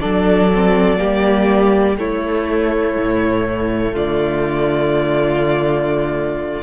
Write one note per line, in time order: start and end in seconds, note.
0.00 1.01 F#3
0.00 0.49 D4
0.00 1.00 A4
0.00 1.97 D5
0.55 0.98 C4
0.98 1.98 G3
0.98 1.96 A#3
0.98 1.98 G4
1.98 2.97 A3
1.98 6.64 A3
1.98 3.93 E4
1.98 3.96 C#5
2.98 3.94 A2
3.93 6.64 D3
3.93 6.63 F4
3.93 6.64 D5